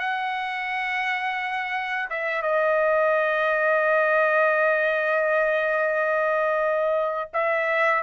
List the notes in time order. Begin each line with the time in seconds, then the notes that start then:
0.00 F#5
2.10 E5
2.43 D#5
7.34 E5